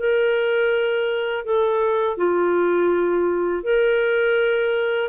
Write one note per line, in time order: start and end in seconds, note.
0.00 1.45 A#4
1.45 2.18 A4
2.18 3.64 F4
3.64 5.10 A#4